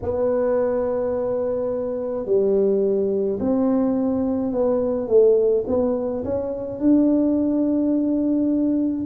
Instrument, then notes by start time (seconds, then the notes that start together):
tuba
0.02 B3
2.25 G3
3.40 C4
4.52 B3
5.07 A3
5.67 B3
6.24 C#4
6.79 D4